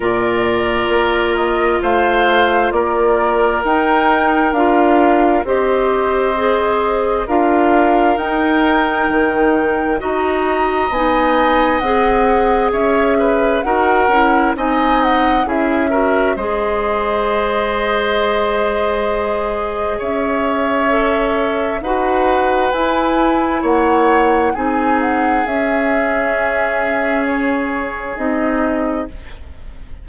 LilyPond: <<
  \new Staff \with { instrumentName = "flute" } { \time 4/4 \tempo 4 = 66 d''4. dis''8 f''4 d''4 | g''4 f''4 dis''2 | f''4 g''2 ais''4 | gis''4 fis''4 e''4 fis''4 |
gis''8 fis''8 e''4 dis''2~ | dis''2 e''2 | fis''4 gis''4 fis''4 gis''8 fis''8 | e''2 cis''4 dis''4 | }
  \new Staff \with { instrumentName = "oboe" } { \time 4/4 ais'2 c''4 ais'4~ | ais'2 c''2 | ais'2. dis''4~ | dis''2 cis''8 b'8 ais'4 |
dis''4 gis'8 ais'8 c''2~ | c''2 cis''2 | b'2 cis''4 gis'4~ | gis'1 | }
  \new Staff \with { instrumentName = "clarinet" } { \time 4/4 f'1 | dis'4 f'4 g'4 gis'4 | f'4 dis'2 fis'4 | dis'4 gis'2 fis'8 e'8 |
dis'4 e'8 fis'8 gis'2~ | gis'2. a'4 | fis'4 e'2 dis'4 | cis'2. dis'4 | }
  \new Staff \with { instrumentName = "bassoon" } { \time 4/4 ais,4 ais4 a4 ais4 | dis'4 d'4 c'2 | d'4 dis'4 dis4 dis'4 | b4 c'4 cis'4 dis'8 cis'8 |
c'4 cis'4 gis2~ | gis2 cis'2 | dis'4 e'4 ais4 c'4 | cis'2. c'4 | }
>>